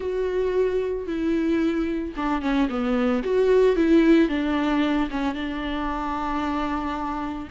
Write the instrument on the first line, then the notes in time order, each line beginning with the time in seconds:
viola
0.00 F#4
1.06 E4
2.16 D4
2.41 C#4
2.69 B3
3.23 F#4
3.75 E4
4.29 D4
5.10 C#4
5.34 D4